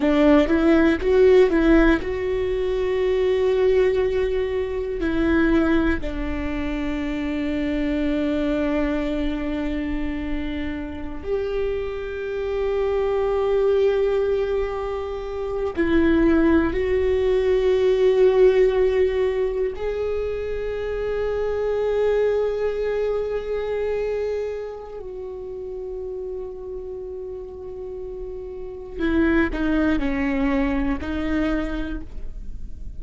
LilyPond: \new Staff \with { instrumentName = "viola" } { \time 4/4 \tempo 4 = 60 d'8 e'8 fis'8 e'8 fis'2~ | fis'4 e'4 d'2~ | d'2.~ d'16 g'8.~ | g'2.~ g'8. e'16~ |
e'8. fis'2. gis'16~ | gis'1~ | gis'4 fis'2.~ | fis'4 e'8 dis'8 cis'4 dis'4 | }